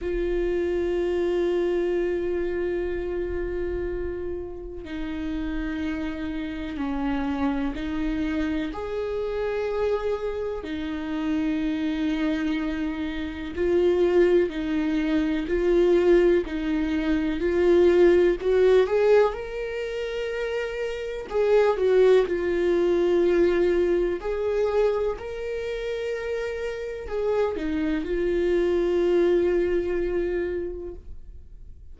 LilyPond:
\new Staff \with { instrumentName = "viola" } { \time 4/4 \tempo 4 = 62 f'1~ | f'4 dis'2 cis'4 | dis'4 gis'2 dis'4~ | dis'2 f'4 dis'4 |
f'4 dis'4 f'4 fis'8 gis'8 | ais'2 gis'8 fis'8 f'4~ | f'4 gis'4 ais'2 | gis'8 dis'8 f'2. | }